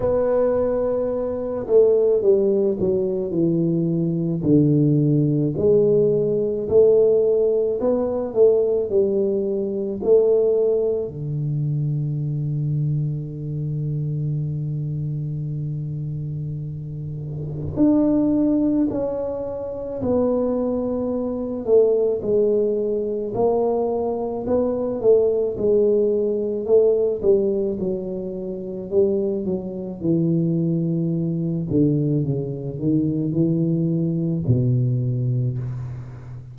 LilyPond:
\new Staff \with { instrumentName = "tuba" } { \time 4/4 \tempo 4 = 54 b4. a8 g8 fis8 e4 | d4 gis4 a4 b8 a8 | g4 a4 d2~ | d1 |
d'4 cis'4 b4. a8 | gis4 ais4 b8 a8 gis4 | a8 g8 fis4 g8 fis8 e4~ | e8 d8 cis8 dis8 e4 b,4 | }